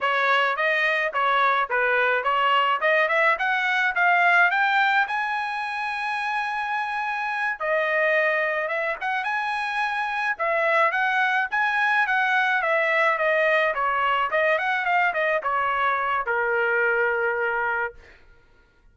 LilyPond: \new Staff \with { instrumentName = "trumpet" } { \time 4/4 \tempo 4 = 107 cis''4 dis''4 cis''4 b'4 | cis''4 dis''8 e''8 fis''4 f''4 | g''4 gis''2.~ | gis''4. dis''2 e''8 |
fis''8 gis''2 e''4 fis''8~ | fis''8 gis''4 fis''4 e''4 dis''8~ | dis''8 cis''4 dis''8 fis''8 f''8 dis''8 cis''8~ | cis''4 ais'2. | }